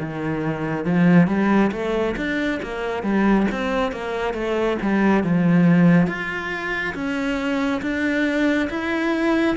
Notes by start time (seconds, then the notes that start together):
0.00 D#3
0.85 F3
1.28 G3
1.72 A3
2.17 D4
2.63 A#3
3.04 G3
3.52 C4
3.92 A#3
4.34 A3
4.82 G3
5.24 F3
6.08 F4
6.95 C#4
7.82 D4
8.70 E4